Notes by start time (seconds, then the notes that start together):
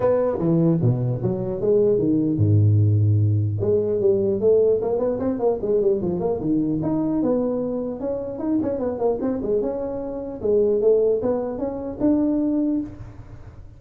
0.00 B3
0.39 E3
0.81 B2
1.22 F#3
1.60 G#3
1.98 D#3
2.37 G#2
3.60 G#3
4.00 G3
4.40 A3
4.81 A#3
4.98 B3
5.19 C4
5.39 A#3
5.61 G#3
5.81 G3
6.01 F3
6.20 A#3
6.40 D#3
6.82 D#4
7.22 B3
7.99 C#4
8.38 D#4
8.62 C#4
8.79 B3
8.98 A#3
9.21 C4
9.42 G#3
9.61 C#4
10.41 G#3
10.81 A3
11.22 B3
11.58 C#4
12.00 D4